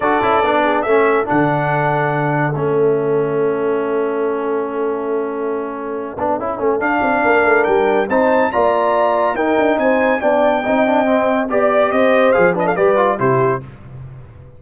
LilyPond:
<<
  \new Staff \with { instrumentName = "trumpet" } { \time 4/4 \tempo 4 = 141 d''2 e''4 fis''4~ | fis''2 e''2~ | e''1~ | e''1 |
f''2 g''4 a''4 | ais''2 g''4 gis''4 | g''2. d''4 | dis''4 f''8 dis''16 f''16 d''4 c''4 | }
  \new Staff \with { instrumentName = "horn" } { \time 4/4 a'4. gis'8 a'2~ | a'1~ | a'1~ | a'1~ |
a'4 ais'2 c''4 | d''2 ais'4 c''4 | d''4 dis''2 d''4 | c''4. b'16 a'16 b'4 g'4 | }
  \new Staff \with { instrumentName = "trombone" } { \time 4/4 fis'8 e'8 d'4 cis'4 d'4~ | d'2 cis'2~ | cis'1~ | cis'2~ cis'8 d'8 e'8 cis'8 |
d'2. dis'4 | f'2 dis'2 | d'4 dis'8 d'8 c'4 g'4~ | g'4 gis'8 d'8 g'8 f'8 e'4 | }
  \new Staff \with { instrumentName = "tuba" } { \time 4/4 d'8 cis'8 b4 a4 d4~ | d2 a2~ | a1~ | a2~ a8 b8 cis'8 a8 |
d'8 c'8 ais8 a8 g4 c'4 | ais2 dis'8 d'8 c'4 | b4 c'2 b4 | c'4 f4 g4 c4 | }
>>